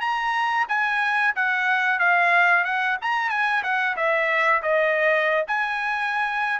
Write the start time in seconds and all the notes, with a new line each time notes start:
0.00 A#5
0.68 G#5
1.35 F#5
1.99 F5
2.64 F#5
3.01 A#5
3.29 G#5
3.63 F#5
3.96 E5
4.62 D#5
5.47 G#5